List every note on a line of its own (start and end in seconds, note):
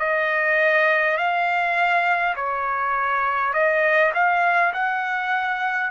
0.00 1.18 D#5
1.18 2.35 F5
2.36 3.54 C#5
3.54 4.13 D#5
4.14 4.73 F5
4.74 5.91 F#5